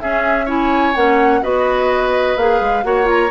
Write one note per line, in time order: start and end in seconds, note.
0.00 0.47 C#4
0.00 0.95 C#4
0.00 0.45 G#4
0.00 0.47 E5
0.45 0.94 E4
0.45 1.40 C#5
0.45 0.95 G#5
0.95 1.42 A#3
0.95 1.42 C#4
0.95 1.43 F#5
1.42 2.36 B3
1.42 2.37 F#4
1.42 2.84 B4
1.42 2.37 D#5
2.36 2.60 A#3
2.36 2.83 G#4
2.36 2.84 F5
2.60 2.84 G#3
2.83 3.31 A#3
2.83 3.04 F#4
2.83 3.31 C#5
2.83 3.07 F#5
3.04 3.28 F4
3.04 3.31 A#5